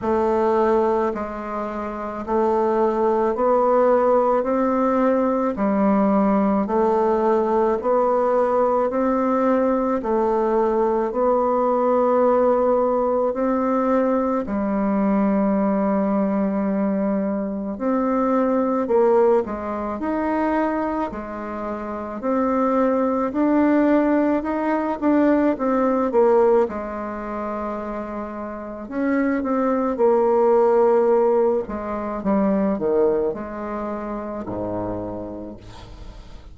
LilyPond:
\new Staff \with { instrumentName = "bassoon" } { \time 4/4 \tempo 4 = 54 a4 gis4 a4 b4 | c'4 g4 a4 b4 | c'4 a4 b2 | c'4 g2. |
c'4 ais8 gis8 dis'4 gis4 | c'4 d'4 dis'8 d'8 c'8 ais8 | gis2 cis'8 c'8 ais4~ | ais8 gis8 g8 dis8 gis4 gis,4 | }